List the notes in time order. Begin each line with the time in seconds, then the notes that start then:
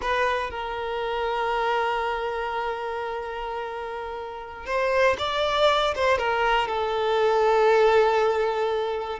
0.01 B4
0.50 A#4
4.66 C5
5.18 D5
5.95 C5
6.17 A#4
6.67 A4